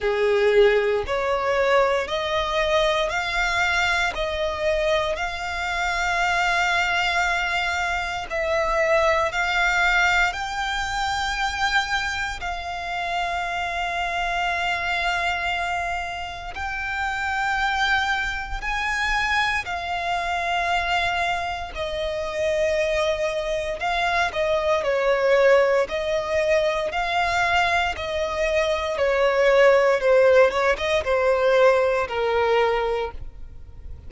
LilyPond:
\new Staff \with { instrumentName = "violin" } { \time 4/4 \tempo 4 = 58 gis'4 cis''4 dis''4 f''4 | dis''4 f''2. | e''4 f''4 g''2 | f''1 |
g''2 gis''4 f''4~ | f''4 dis''2 f''8 dis''8 | cis''4 dis''4 f''4 dis''4 | cis''4 c''8 cis''16 dis''16 c''4 ais'4 | }